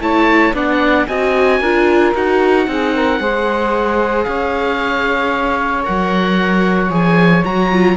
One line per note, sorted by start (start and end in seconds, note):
0.00 0.53 A3
0.00 0.54 E4
0.00 0.54 C#5
0.00 0.54 A5
0.54 1.07 B3
0.54 1.07 D4
0.54 1.07 D5
0.54 1.07 F#5
1.07 1.60 C4
1.07 1.62 F#4
1.07 1.60 D#5
1.07 2.14 G#5
1.60 2.13 D4
1.60 2.15 F4
1.60 2.66 A#4
2.15 2.67 D#4
2.15 2.67 F#4
2.15 4.24 F#5
2.67 3.20 C4
2.67 3.20 D#4
2.67 2.94 G#4
2.94 3.20 A#4
3.20 4.26 G#3
3.20 5.83 G#4
3.20 4.27 C5
4.24 5.87 C#4
4.24 7.97 C#5
4.24 5.83 F5
5.83 6.90 F#3
5.83 6.89 A#4
5.83 6.92 F#5
6.90 7.43 F3
6.90 7.43 G#4
6.90 7.45 G#5
7.45 7.97 F#3
7.45 7.72 F#4
7.45 7.97 A#5
7.72 7.97 F4